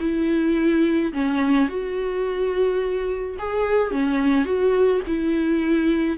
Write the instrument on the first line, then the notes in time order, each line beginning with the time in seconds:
viola
0.00 E4
1.13 C#4
1.68 F#4
3.38 G#4
3.91 C#4
4.45 F#4
5.07 E4